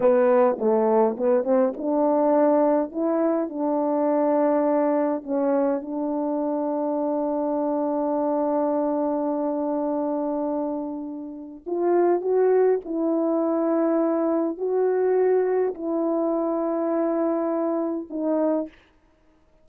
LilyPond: \new Staff \with { instrumentName = "horn" } { \time 4/4 \tempo 4 = 103 b4 a4 b8 c'8 d'4~ | d'4 e'4 d'2~ | d'4 cis'4 d'2~ | d'1~ |
d'1 | f'4 fis'4 e'2~ | e'4 fis'2 e'4~ | e'2. dis'4 | }